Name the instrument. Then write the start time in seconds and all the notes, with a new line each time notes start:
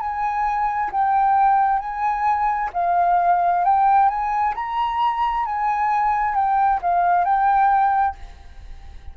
flute
0.00 G#5
0.92 G5
1.79 G#5
2.74 F5
3.64 G5
4.09 G#5
4.55 A#5
5.46 G#5
6.35 G5
6.82 F5
7.24 G5